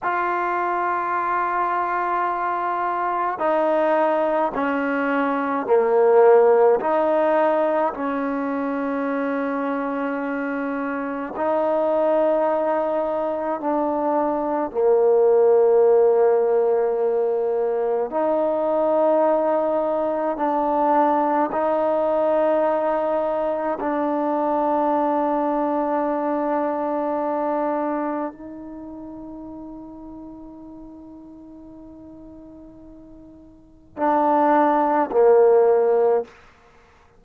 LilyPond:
\new Staff \with { instrumentName = "trombone" } { \time 4/4 \tempo 4 = 53 f'2. dis'4 | cis'4 ais4 dis'4 cis'4~ | cis'2 dis'2 | d'4 ais2. |
dis'2 d'4 dis'4~ | dis'4 d'2.~ | d'4 dis'2.~ | dis'2 d'4 ais4 | }